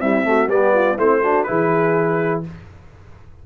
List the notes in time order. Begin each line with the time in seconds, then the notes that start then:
0.00 G3 C4 E4 E5
0.24 A3 F#4
0.47 G3 B3 G4 D5
0.74 F4
0.97 A3 C4 E4 C5
1.22 D4 F#4
1.43 E4 G#4 B4
1.49 E3